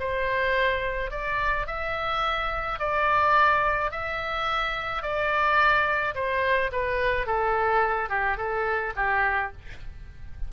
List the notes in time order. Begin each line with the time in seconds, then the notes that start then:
0.00 C5
1.11 D5
1.67 E5
2.80 D5
3.92 E5
5.03 D5
6.15 C5
6.72 B4
7.27 A4
8.10 G4
8.38 A4
8.96 G4